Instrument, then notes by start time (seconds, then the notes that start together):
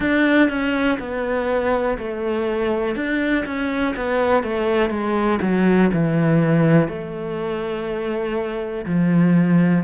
cello
0.00 D4
0.49 C#4
0.99 B3
1.98 A3
2.95 D4
3.45 C#4
3.96 B3
4.43 A3
4.90 G#3
5.41 F#3
5.93 E3
6.88 A3
8.85 F3